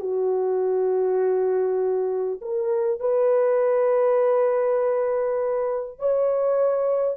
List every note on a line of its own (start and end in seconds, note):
0.00 2.40 F#4
2.42 3.00 A#4
3.00 5.99 B4
5.99 7.18 C#5